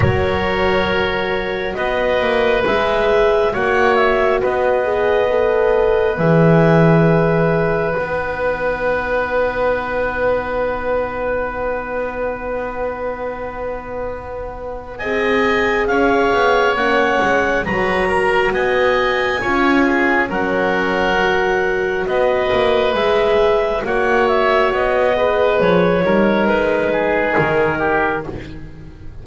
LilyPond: <<
  \new Staff \with { instrumentName = "clarinet" } { \time 4/4 \tempo 4 = 68 cis''2 dis''4 e''4 | fis''8 e''8 dis''2 e''4~ | e''4 fis''2.~ | fis''1~ |
fis''4 gis''4 f''4 fis''4 | ais''4 gis''2 fis''4~ | fis''4 dis''4 e''4 fis''8 e''8 | dis''4 cis''4 b'4 ais'4 | }
  \new Staff \with { instrumentName = "oboe" } { \time 4/4 ais'2 b'2 | cis''4 b'2.~ | b'1~ | b'1~ |
b'4 dis''4 cis''2 | b'8 ais'8 dis''4 cis''8 gis'8 ais'4~ | ais'4 b'2 cis''4~ | cis''8 b'4 ais'4 gis'4 g'8 | }
  \new Staff \with { instrumentName = "horn" } { \time 4/4 fis'2. gis'4 | fis'4. gis'8 a'4 gis'4~ | gis'4 dis'2.~ | dis'1~ |
dis'4 gis'2 cis'4 | fis'2 f'4 cis'4 | fis'2 gis'4 fis'4~ | fis'8 gis'4 dis'2~ dis'8 | }
  \new Staff \with { instrumentName = "double bass" } { \time 4/4 fis2 b8 ais8 gis4 | ais4 b2 e4~ | e4 b2.~ | b1~ |
b4 c'4 cis'8 b8 ais8 gis8 | fis4 b4 cis'4 fis4~ | fis4 b8 ais8 gis4 ais4 | b4 f8 g8 gis4 dis4 | }
>>